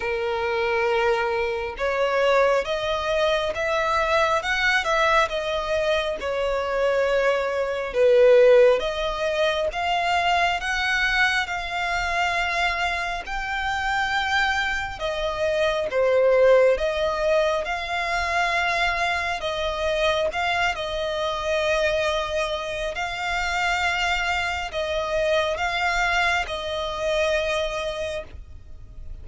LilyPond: \new Staff \with { instrumentName = "violin" } { \time 4/4 \tempo 4 = 68 ais'2 cis''4 dis''4 | e''4 fis''8 e''8 dis''4 cis''4~ | cis''4 b'4 dis''4 f''4 | fis''4 f''2 g''4~ |
g''4 dis''4 c''4 dis''4 | f''2 dis''4 f''8 dis''8~ | dis''2 f''2 | dis''4 f''4 dis''2 | }